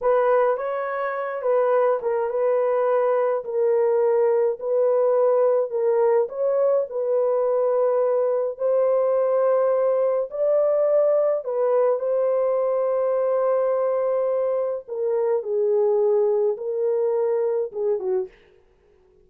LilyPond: \new Staff \with { instrumentName = "horn" } { \time 4/4 \tempo 4 = 105 b'4 cis''4. b'4 ais'8 | b'2 ais'2 | b'2 ais'4 cis''4 | b'2. c''4~ |
c''2 d''2 | b'4 c''2.~ | c''2 ais'4 gis'4~ | gis'4 ais'2 gis'8 fis'8 | }